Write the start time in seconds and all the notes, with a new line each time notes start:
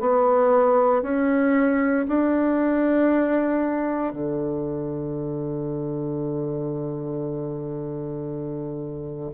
0.00 B3
1.03 C#4
2.08 D4
4.13 D3